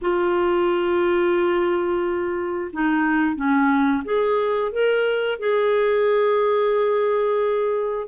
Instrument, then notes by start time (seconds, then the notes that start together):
clarinet
0.01 F4
2.72 D#4
3.35 C#4
4.04 G#4
4.72 A#4
5.39 G#4